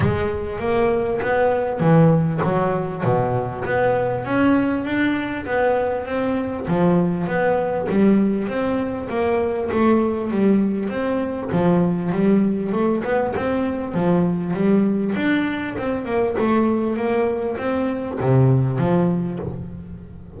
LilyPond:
\new Staff \with { instrumentName = "double bass" } { \time 4/4 \tempo 4 = 99 gis4 ais4 b4 e4 | fis4 b,4 b4 cis'4 | d'4 b4 c'4 f4 | b4 g4 c'4 ais4 |
a4 g4 c'4 f4 | g4 a8 b8 c'4 f4 | g4 d'4 c'8 ais8 a4 | ais4 c'4 c4 f4 | }